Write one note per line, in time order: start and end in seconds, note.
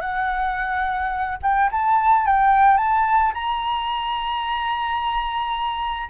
0.00 1.38 F#5
1.42 1.70 G5
1.71 2.25 A5
2.25 2.77 G5
2.77 3.32 A5
3.34 6.09 A#5